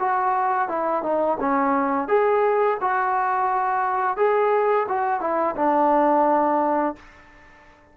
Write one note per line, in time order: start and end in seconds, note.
0.00 0.69 F#4
0.69 1.03 E4
1.03 1.38 D#4
1.40 2.08 C#4
2.08 2.78 G#4
2.81 4.17 F#4
4.17 4.87 G#4
4.89 5.21 F#4
5.21 5.56 E4
5.56 6.96 D4